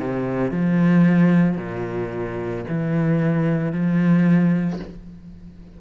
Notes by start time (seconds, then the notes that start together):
0.00 C3
0.52 F3
1.57 A#2
2.69 E3
3.73 F3